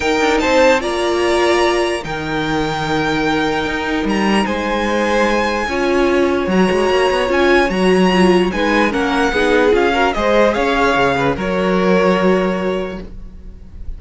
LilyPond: <<
  \new Staff \with { instrumentName = "violin" } { \time 4/4 \tempo 4 = 148 g''4 a''4 ais''2~ | ais''4 g''2.~ | g''2 ais''4 gis''4~ | gis''1 |
ais''2 gis''4 ais''4~ | ais''4 gis''4 fis''2 | f''4 dis''4 f''2 | cis''1 | }
  \new Staff \with { instrumentName = "violin" } { \time 4/4 ais'4 c''4 d''2~ | d''4 ais'2.~ | ais'2. c''4~ | c''2 cis''2~ |
cis''1~ | cis''4 b'4 ais'4 gis'4~ | gis'8 ais'8 c''4 cis''4. b'8 | ais'1 | }
  \new Staff \with { instrumentName = "viola" } { \time 4/4 dis'2 f'2~ | f'4 dis'2.~ | dis'1~ | dis'2 f'2 |
fis'2 f'4 fis'4 | f'4 dis'4 cis'4 dis'4 | f'8 fis'8 gis'2. | fis'1 | }
  \new Staff \with { instrumentName = "cello" } { \time 4/4 dis'8 d'8 c'4 ais2~ | ais4 dis2.~ | dis4 dis'4 g4 gis4~ | gis2 cis'2 |
fis8 gis8 ais8 b8 cis'4 fis4~ | fis4 gis4 ais4 b4 | cis'4 gis4 cis'4 cis4 | fis1 | }
>>